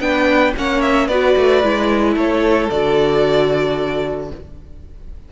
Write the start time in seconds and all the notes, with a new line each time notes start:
0.00 B3 D4 B4 G5
0.57 A#3 C#4 C#5 F#5
0.81 E5
1.07 B3 F#4 B4 D5
1.36 A3
1.63 G#3 E4
2.14 A3 A4 C#5
2.70 D3 F#4 D5